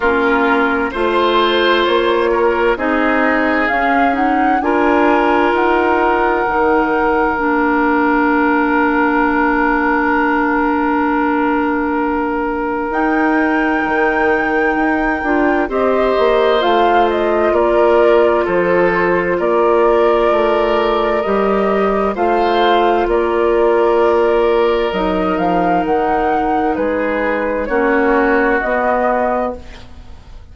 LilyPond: <<
  \new Staff \with { instrumentName = "flute" } { \time 4/4 \tempo 4 = 65 ais'4 c''4 cis''4 dis''4 | f''8 fis''8 gis''4 fis''2 | f''1~ | f''2 g''2~ |
g''4 dis''4 f''8 dis''8 d''4 | c''4 d''2 dis''4 | f''4 d''2 dis''8 f''8 | fis''4 b'4 cis''4 dis''4 | }
  \new Staff \with { instrumentName = "oboe" } { \time 4/4 f'4 c''4. ais'8 gis'4~ | gis'4 ais'2.~ | ais'1~ | ais'1~ |
ais'4 c''2 ais'4 | a'4 ais'2. | c''4 ais'2.~ | ais'4 gis'4 fis'2 | }
  \new Staff \with { instrumentName = "clarinet" } { \time 4/4 cis'4 f'2 dis'4 | cis'8 dis'8 f'2 dis'4 | d'1~ | d'2 dis'2~ |
dis'8 f'8 g'4 f'2~ | f'2. g'4 | f'2. dis'4~ | dis'2 cis'4 b4 | }
  \new Staff \with { instrumentName = "bassoon" } { \time 4/4 ais4 a4 ais4 c'4 | cis'4 d'4 dis'4 dis4 | ais1~ | ais2 dis'4 dis4 |
dis'8 d'8 c'8 ais8 a4 ais4 | f4 ais4 a4 g4 | a4 ais2 fis8 f8 | dis4 gis4 ais4 b4 | }
>>